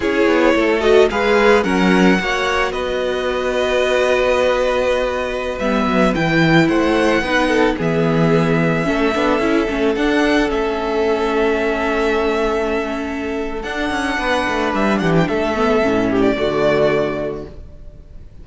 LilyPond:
<<
  \new Staff \with { instrumentName = "violin" } { \time 4/4 \tempo 4 = 110 cis''4. dis''8 f''4 fis''4~ | fis''4 dis''2.~ | dis''2~ dis''16 e''4 g''8.~ | g''16 fis''2 e''4.~ e''16~ |
e''2~ e''16 fis''4 e''8.~ | e''1~ | e''4 fis''2 e''8 fis''16 g''16 | e''4.~ e''16 d''2~ d''16 | }
  \new Staff \with { instrumentName = "violin" } { \time 4/4 gis'4 a'4 b'4 ais'4 | cis''4 b'2.~ | b'1~ | b'16 c''4 b'8 a'8 gis'4.~ gis'16~ |
gis'16 a'2.~ a'8.~ | a'1~ | a'2 b'4. g'8 | a'4. g'8 fis'2 | }
  \new Staff \with { instrumentName = "viola" } { \time 4/4 e'4. fis'8 gis'4 cis'4 | fis'1~ | fis'2~ fis'16 b4 e'8.~ | e'4~ e'16 dis'4 b4.~ b16~ |
b16 cis'8 d'8 e'8 cis'8 d'4 cis'8.~ | cis'1~ | cis'4 d'2.~ | d'8 b8 cis'4 a2 | }
  \new Staff \with { instrumentName = "cello" } { \time 4/4 cis'8 b8 a4 gis4 fis4 | ais4 b2.~ | b2~ b16 g8 fis8 e8.~ | e16 a4 b4 e4.~ e16~ |
e16 a8 b8 cis'8 a8 d'4 a8.~ | a1~ | a4 d'8 cis'8 b8 a8 g8 e8 | a4 a,4 d2 | }
>>